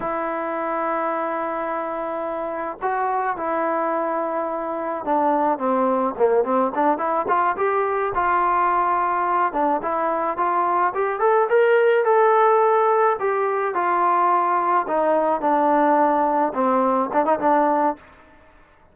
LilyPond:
\new Staff \with { instrumentName = "trombone" } { \time 4/4 \tempo 4 = 107 e'1~ | e'4 fis'4 e'2~ | e'4 d'4 c'4 ais8 c'8 | d'8 e'8 f'8 g'4 f'4.~ |
f'4 d'8 e'4 f'4 g'8 | a'8 ais'4 a'2 g'8~ | g'8 f'2 dis'4 d'8~ | d'4. c'4 d'16 dis'16 d'4 | }